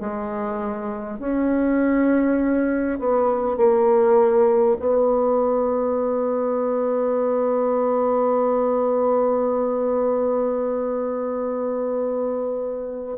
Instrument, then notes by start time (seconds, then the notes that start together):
bassoon
0.00 G#3
1.19 C#4
2.99 B3
3.57 A#3
4.79 B3